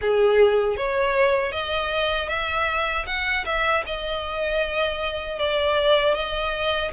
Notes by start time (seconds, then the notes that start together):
0.01 G#4
0.77 C#5
1.52 D#5
2.28 E5
3.06 F#5
3.45 E5
3.86 D#5
5.38 D5
6.14 D#5